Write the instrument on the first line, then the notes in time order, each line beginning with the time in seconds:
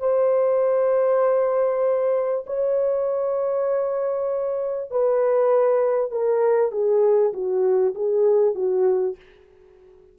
horn
0.00 C5
2.47 C#5
4.91 B4
6.11 A#4
6.72 G#4
7.33 F#4
7.95 G#4
8.55 F#4